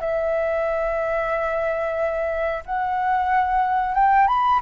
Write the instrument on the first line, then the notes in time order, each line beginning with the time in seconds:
flute
0.00 E5
2.66 F#5
3.95 G5
4.27 B5